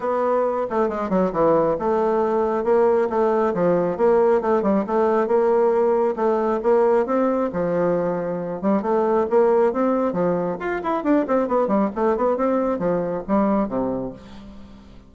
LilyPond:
\new Staff \with { instrumentName = "bassoon" } { \time 4/4 \tempo 4 = 136 b4. a8 gis8 fis8 e4 | a2 ais4 a4 | f4 ais4 a8 g8 a4 | ais2 a4 ais4 |
c'4 f2~ f8 g8 | a4 ais4 c'4 f4 | f'8 e'8 d'8 c'8 b8 g8 a8 b8 | c'4 f4 g4 c4 | }